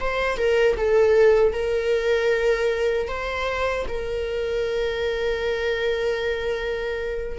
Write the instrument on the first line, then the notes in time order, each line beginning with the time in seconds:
viola
0.00 C5
0.37 A#4
0.77 A4
1.53 A#4
3.07 C5
3.88 A#4